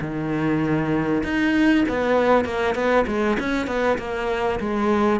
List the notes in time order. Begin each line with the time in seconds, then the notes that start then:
0.00 D#3
1.23 D#4
1.88 B3
2.45 A#3
2.74 B3
3.06 G#3
3.39 C#4
3.67 B3
3.98 A#3
4.59 G#3